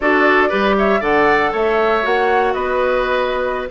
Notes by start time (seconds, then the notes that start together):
0.00 D4 F#4 A4 D5
0.49 G3 G4 B4
0.78 C#5 E5
1.00 D3 A4 D5 F#5
1.51 A3 C#5 E5
2.02 A#3 F#4 F#5
2.53 B3 B4 D#5